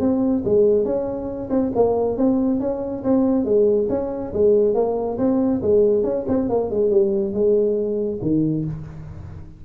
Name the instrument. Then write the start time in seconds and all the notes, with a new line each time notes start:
tuba
0.00 C4
0.45 G#3
0.85 C#4
1.50 C4
1.75 A#3
2.18 C4
2.60 C#4
3.04 C4
3.45 G#3
3.89 C#4
4.33 G#3
4.75 A#3
5.18 C4
5.62 G#3
6.04 C#4
6.28 C4
6.49 A#3
6.71 G#3
6.90 G3
7.33 G#3
8.22 D#3